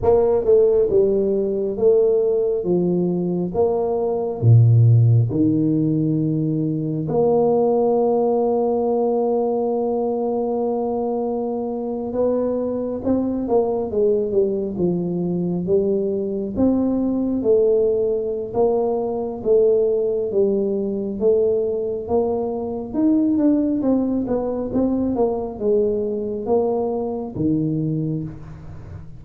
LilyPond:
\new Staff \with { instrumentName = "tuba" } { \time 4/4 \tempo 4 = 68 ais8 a8 g4 a4 f4 | ais4 ais,4 dis2 | ais1~ | ais4.~ ais16 b4 c'8 ais8 gis16~ |
gis16 g8 f4 g4 c'4 a16~ | a4 ais4 a4 g4 | a4 ais4 dis'8 d'8 c'8 b8 | c'8 ais8 gis4 ais4 dis4 | }